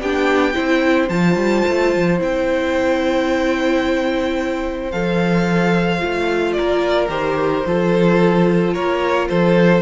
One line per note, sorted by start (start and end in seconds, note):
0.00 0.55 B3
0.00 0.53 D4
0.00 0.55 G4
0.00 1.09 G5
0.53 1.09 C4
0.53 1.08 E4
0.53 6.55 C5
1.09 1.35 F3
1.09 2.18 F4
1.09 2.18 A5
1.35 1.62 G3
1.68 1.95 A3
1.95 2.20 F3
2.18 4.93 C4
2.18 4.91 E4
2.18 4.91 G5
4.91 6.02 F3
4.91 5.99 A4
4.91 6.52 F5
5.99 6.58 A3
5.99 7.08 F4
6.52 7.66 A#4
6.52 7.07 D5
6.60 7.09 A#3
7.09 7.63 D#3
7.09 7.63 G4
7.09 8.73 C5
7.66 8.75 F3
7.66 9.81 F4
7.66 8.74 A4
8.73 9.29 A#3
8.73 9.28 A#4
8.73 9.28 C#5
9.28 9.81 F3
9.28 9.81 A4
9.28 9.81 C5